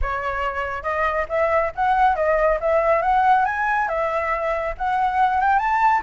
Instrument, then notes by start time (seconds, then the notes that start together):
flute
0.01 C#5
0.82 D#5
1.28 E5
1.75 F#5
2.15 D#5
2.60 E5
3.02 F#5
3.45 G#5
3.88 E5
4.77 F#5
5.41 G5
5.58 A5